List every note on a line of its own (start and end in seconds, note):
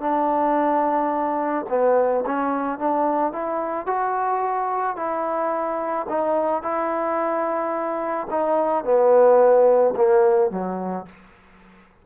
0.00 1.65 D4
1.69 2.24 B3
2.25 2.78 C#4
2.78 3.32 D4
3.32 3.86 E4
3.86 4.96 F#4
4.96 6.06 E4
6.09 6.62 D#4
6.62 8.27 E4
8.30 8.84 D#4
8.84 9.94 B3
9.96 10.50 A#3
10.50 11.05 F#3